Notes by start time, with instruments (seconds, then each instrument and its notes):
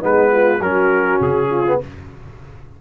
0.00 tuba G#3, trombone B3, horn D#4, trumpet B4
0.32 horn F4
0.60 tuba F#3, trombone C#4, horn F#4, trumpet A#4
1.21 tuba C#3, trumpet G#4
1.50 horn F4
1.66 trombone B3